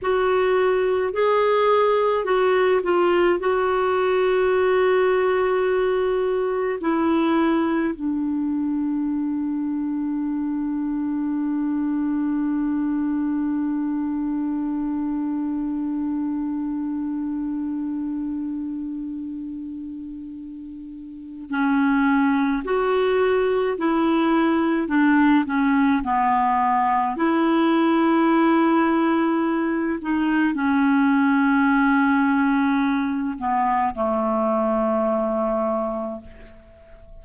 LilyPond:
\new Staff \with { instrumentName = "clarinet" } { \time 4/4 \tempo 4 = 53 fis'4 gis'4 fis'8 f'8 fis'4~ | fis'2 e'4 d'4~ | d'1~ | d'1~ |
d'2. cis'4 | fis'4 e'4 d'8 cis'8 b4 | e'2~ e'8 dis'8 cis'4~ | cis'4. b8 a2 | }